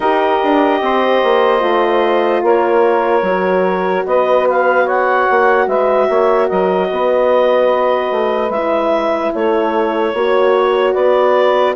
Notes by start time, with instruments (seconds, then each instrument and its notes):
0.00 bassoon D#4, horn G4, saxophone A#4, clarinet D#5
0.43 bassoon D4
0.81 bassoon C4, saxophone C5
1.23 bassoon A#3
1.60 bassoon A3, horn F4
2.42 bassoon A#3, saxophone A#4, clarinet C#5
3.22 bassoon F#3, horn F#4
4.05 bassoon B3, saxophone B4, clarinet D#5
4.48 clarinet F5
4.84 saxophone C#5, clarinet F#5
5.30 bassoon A#3
5.67 bassoon G#3, saxophone B4, clarinet E5
6.08 bassoon A#3, saxophone C#5
6.46 bassoon F#3, saxophone A#4, clarinet D#5
6.90 bassoon B3, saxophone B4
8.11 bassoon A3
8.49 bassoon G#3, horn E4, clarinet E5
9.34 bassoon A3, saxophone A4, clarinet C#5
10.13 bassoon A#3, horn F#4, saxophone C#5
10.93 bassoon B3, saxophone B4, clarinet D5